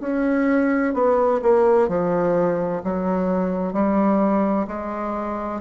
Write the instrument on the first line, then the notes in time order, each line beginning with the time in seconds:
bassoon
0.00 C#4
0.93 B3
1.42 A#3
1.88 F3
2.83 F#3
3.72 G3
4.67 G#3